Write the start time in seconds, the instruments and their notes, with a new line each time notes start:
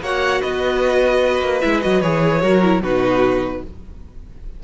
0.00 cello A#3, viola F#4, violin C#5 F#5
0.41 cello B3, violin B4 D#5
1.40 cello A#3
1.60 cello G#3, viola E4, violin E5
1.81 cello F#3, viola F#4, violin D#5
2.01 cello E3, viola G#4, violin C#5
2.41 cello F#3, viola F#4, violin A#4
2.63 viola E4
2.81 cello B2, viola D#4, violin F#4 B4